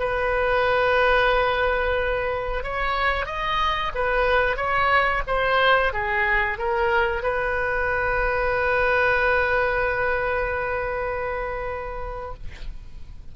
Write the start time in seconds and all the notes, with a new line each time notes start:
0.00 B4
2.64 C#5
3.26 D#5
3.95 B4
4.57 C#5
5.27 C5
5.93 G#4
6.58 A#4
7.23 B4